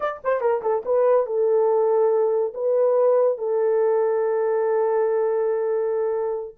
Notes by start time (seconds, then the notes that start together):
0.00 D5
0.23 C5
0.40 A#4
0.62 A4
0.85 B4
1.26 A4
2.54 B4
3.37 A4